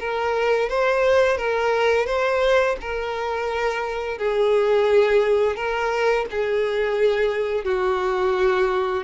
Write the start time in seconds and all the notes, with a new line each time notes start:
0.00 A#4
0.70 C5
1.38 A#4
2.07 C5
2.81 A#4
4.18 G#4
5.57 A#4
6.31 G#4
7.65 F#4